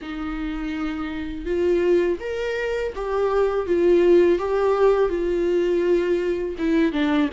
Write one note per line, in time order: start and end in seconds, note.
0.01 1.45 D#4
1.45 2.18 F4
2.20 2.93 A#4
2.95 3.66 G4
3.66 4.38 F4
4.38 5.09 G4
5.09 6.55 F4
6.58 6.92 E4
6.92 7.29 D4